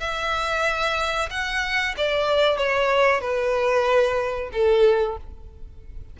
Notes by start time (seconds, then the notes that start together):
0.00 E5
1.30 F#5
1.97 D5
2.57 C#5
3.21 B4
4.52 A4